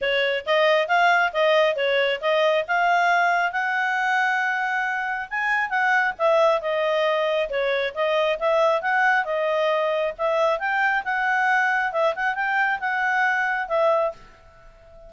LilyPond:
\new Staff \with { instrumentName = "clarinet" } { \time 4/4 \tempo 4 = 136 cis''4 dis''4 f''4 dis''4 | cis''4 dis''4 f''2 | fis''1 | gis''4 fis''4 e''4 dis''4~ |
dis''4 cis''4 dis''4 e''4 | fis''4 dis''2 e''4 | g''4 fis''2 e''8 fis''8 | g''4 fis''2 e''4 | }